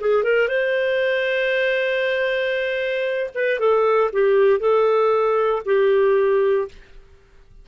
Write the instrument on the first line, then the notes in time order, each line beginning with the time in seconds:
clarinet
0.00 G#4
0.23 A#4
0.48 C5
3.34 B4
3.59 A4
4.13 G4
4.60 A4
5.65 G4